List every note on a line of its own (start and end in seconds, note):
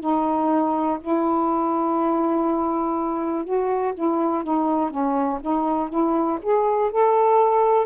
0.00 0.98 D#4
1.00 3.44 E4
3.44 3.93 F#4
3.93 4.43 E4
4.43 4.90 D#4
4.90 5.39 C#4
5.41 5.89 D#4
5.89 6.38 E4
6.42 6.90 G#4
6.90 7.86 A4